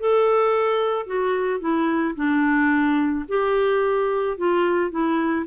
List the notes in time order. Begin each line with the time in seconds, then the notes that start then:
0.00 A4
1.06 F#4
1.60 E4
2.16 D4
3.29 G4
4.38 F4
4.91 E4